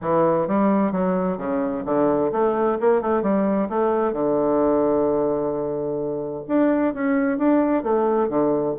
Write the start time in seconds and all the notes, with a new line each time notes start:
0.01 E3
0.47 G3
0.91 F#3
1.37 C#3
1.85 D3
2.32 A3
2.80 A#3
3.01 A3
3.22 G3
3.69 A3
4.12 D3
6.47 D4
6.94 C#4
7.38 D4
7.83 A3
8.28 D3